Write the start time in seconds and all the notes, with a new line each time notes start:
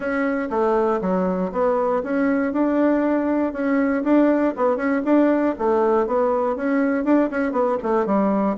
0.00 C#4
0.50 A3
1.01 F#3
1.51 B3
2.03 C#4
2.52 D4
3.52 C#4
4.03 D4
4.56 B3
4.76 C#4
5.04 D4
5.58 A3
6.06 B3
6.56 C#4
7.04 D4
7.30 C#4
7.52 B3
7.82 A3
8.06 G3